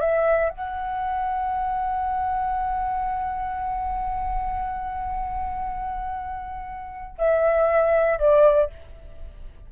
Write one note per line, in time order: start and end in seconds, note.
0.00 0.50 E5
0.50 7.17 F#5
7.19 8.19 E5
8.19 8.70 D5